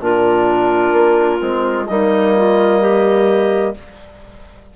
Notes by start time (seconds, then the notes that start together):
0.00 A#2 D4 F4 A#4
0.93 A#3
1.40 G#3 C4
1.86 G3 A#3 D#4 D#5
2.37 F4
2.80 G4